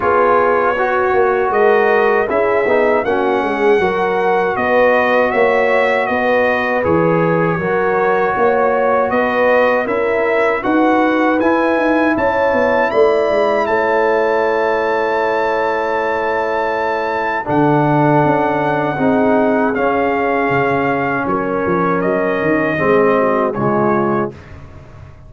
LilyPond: <<
  \new Staff \with { instrumentName = "trumpet" } { \time 4/4 \tempo 4 = 79 cis''2 dis''4 e''4 | fis''2 dis''4 e''4 | dis''4 cis''2. | dis''4 e''4 fis''4 gis''4 |
a''4 b''4 a''2~ | a''2. fis''4~ | fis''2 f''2 | cis''4 dis''2 cis''4 | }
  \new Staff \with { instrumentName = "horn" } { \time 4/4 gis'4 fis'4 ais'4 gis'4 | fis'8 gis'8 ais'4 b'4 cis''4 | b'2 ais'4 cis''4 | b'4 ais'4 b'2 |
cis''4 d''4 cis''2~ | cis''2. a'4~ | a'4 gis'2. | ais'2 gis'8 fis'8 f'4 | }
  \new Staff \with { instrumentName = "trombone" } { \time 4/4 f'4 fis'2 e'8 dis'8 | cis'4 fis'2.~ | fis'4 gis'4 fis'2~ | fis'4 e'4 fis'4 e'4~ |
e'1~ | e'2. d'4~ | d'4 dis'4 cis'2~ | cis'2 c'4 gis4 | }
  \new Staff \with { instrumentName = "tuba" } { \time 4/4 b4. ais8 gis4 cis'8 b8 | ais8 gis8 fis4 b4 ais4 | b4 e4 fis4 ais4 | b4 cis'4 dis'4 e'8 dis'8 |
cis'8 b8 a8 gis8 a2~ | a2. d4 | cis'4 c'4 cis'4 cis4 | fis8 f8 fis8 dis8 gis4 cis4 | }
>>